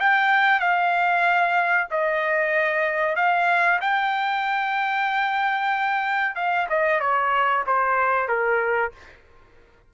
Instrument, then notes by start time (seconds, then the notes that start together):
trumpet
0.00 G5
0.60 F5
1.91 D#5
3.16 F5
3.82 G5
6.36 F5
6.69 D#5
7.01 C#5
7.67 C5
8.28 A#4